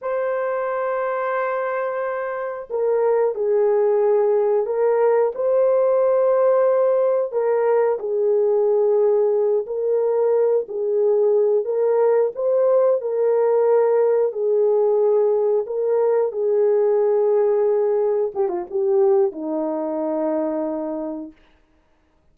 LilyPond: \new Staff \with { instrumentName = "horn" } { \time 4/4 \tempo 4 = 90 c''1 | ais'4 gis'2 ais'4 | c''2. ais'4 | gis'2~ gis'8 ais'4. |
gis'4. ais'4 c''4 ais'8~ | ais'4. gis'2 ais'8~ | ais'8 gis'2. g'16 f'16 | g'4 dis'2. | }